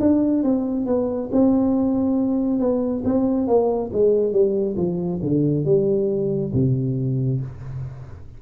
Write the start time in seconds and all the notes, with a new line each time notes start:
0.00 D4
0.43 C4
0.86 B3
1.32 C4
2.60 B3
3.05 C4
3.47 A#3
3.93 G#3
4.33 G3
4.76 F3
5.23 D3
5.65 G3
6.53 C3